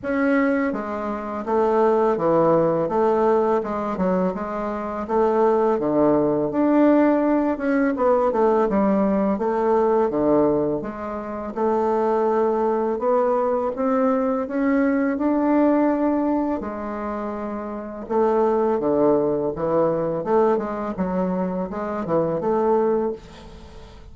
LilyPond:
\new Staff \with { instrumentName = "bassoon" } { \time 4/4 \tempo 4 = 83 cis'4 gis4 a4 e4 | a4 gis8 fis8 gis4 a4 | d4 d'4. cis'8 b8 a8 | g4 a4 d4 gis4 |
a2 b4 c'4 | cis'4 d'2 gis4~ | gis4 a4 d4 e4 | a8 gis8 fis4 gis8 e8 a4 | }